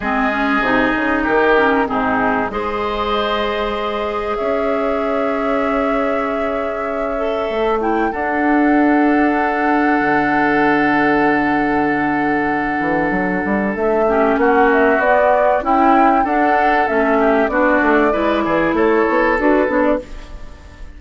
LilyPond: <<
  \new Staff \with { instrumentName = "flute" } { \time 4/4 \tempo 4 = 96 dis''2 ais'4 gis'4 | dis''2. e''4~ | e''1~ | e''8 g''8 fis''2.~ |
fis''1~ | fis''2 e''4 fis''8 e''8 | d''4 g''4 fis''4 e''4 | d''2 cis''4 b'8 cis''16 d''16 | }
  \new Staff \with { instrumentName = "oboe" } { \time 4/4 gis'2 g'4 dis'4 | c''2. cis''4~ | cis''1~ | cis''4 a'2.~ |
a'1~ | a'2~ a'8 g'8 fis'4~ | fis'4 e'4 a'4. g'8 | fis'4 b'8 gis'8 a'2 | }
  \new Staff \with { instrumentName = "clarinet" } { \time 4/4 c'8 cis'8 dis'4. cis'8 c'4 | gis'1~ | gis'2.~ gis'8 a'8~ | a'8 e'8 d'2.~ |
d'1~ | d'2~ d'8 cis'4. | b4 e'4 d'4 cis'4 | d'4 e'2 fis'8 d'8 | }
  \new Staff \with { instrumentName = "bassoon" } { \time 4/4 gis4 c8 cis8 dis4 gis,4 | gis2. cis'4~ | cis'1 | a4 d'2. |
d1~ | d8 e8 fis8 g8 a4 ais4 | b4 cis'4 d'4 a4 | b8 a8 gis8 e8 a8 b8 d'8 b8 | }
>>